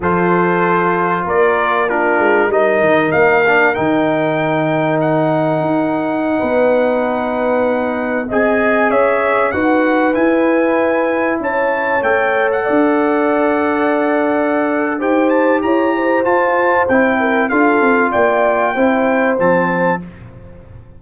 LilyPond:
<<
  \new Staff \with { instrumentName = "trumpet" } { \time 4/4 \tempo 4 = 96 c''2 d''4 ais'4 | dis''4 f''4 g''2 | fis''1~ | fis''4~ fis''16 gis''4 e''4 fis''8.~ |
fis''16 gis''2 a''4 g''8. | fis''1 | g''8 a''8 ais''4 a''4 g''4 | f''4 g''2 a''4 | }
  \new Staff \with { instrumentName = "horn" } { \time 4/4 a'2 ais'4 f'4 | ais'1~ | ais'2~ ais'16 b'4.~ b'16~ | b'4~ b'16 dis''4 cis''4 b'8.~ |
b'2~ b'16 cis''4.~ cis''16~ | cis''16 d''2.~ d''8. | c''4 cis''8 c''2 ais'8 | a'4 d''4 c''2 | }
  \new Staff \with { instrumentName = "trombone" } { \time 4/4 f'2. d'4 | dis'4. d'8 dis'2~ | dis'1~ | dis'4~ dis'16 gis'2 fis'8.~ |
fis'16 e'2. a'8.~ | a'1 | g'2 f'4 e'4 | f'2 e'4 c'4 | }
  \new Staff \with { instrumentName = "tuba" } { \time 4/4 f2 ais4. gis8 | g8 dis8 ais4 dis2~ | dis4 dis'4~ dis'16 b4.~ b16~ | b4~ b16 c'4 cis'4 dis'8.~ |
dis'16 e'2 cis'4 a8.~ | a16 d'2.~ d'8. | dis'4 e'4 f'4 c'4 | d'8 c'8 ais4 c'4 f4 | }
>>